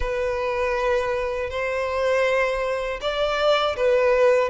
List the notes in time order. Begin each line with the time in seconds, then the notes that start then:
0.00 B4
1.50 C5
3.01 D5
3.76 B4